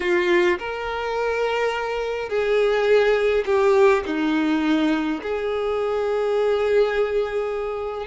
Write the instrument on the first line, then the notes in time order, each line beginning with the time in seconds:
violin
0.00 F4
0.58 A#4
2.29 G#4
3.45 G4
4.06 D#4
5.22 G#4